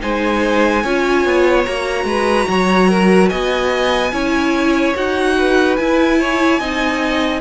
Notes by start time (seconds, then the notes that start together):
0.00 G#3 D#4 C5 G#5
0.82 C#4 F4 C#5
1.25 B3
1.65 A#3 F#4 A#5
2.04 G#3 B4
2.48 F#3 C#5
2.89 A#4
3.29 B3 D#5 G#5
4.12 C#4 E4 C#5
4.95 D#4 F#4 F#5
5.38 B4
5.76 E4 G#5
6.19 C#5
6.59 C4 D#4 D#5